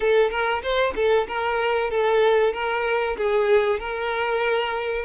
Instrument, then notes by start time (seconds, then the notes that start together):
violin
0.00 A4
0.30 A#4
0.62 C5
0.95 A4
1.27 A#4
1.90 A4
2.53 A#4
3.17 G#4
3.79 A#4